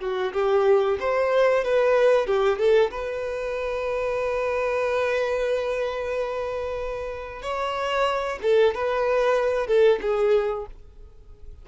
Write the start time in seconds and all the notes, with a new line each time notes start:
0.00 F#4
0.33 G4
0.99 C5
1.64 B4
2.26 G4
2.58 A4
2.91 B4
7.42 C#5
8.42 A4
8.74 B4
9.67 A4
10.01 G#4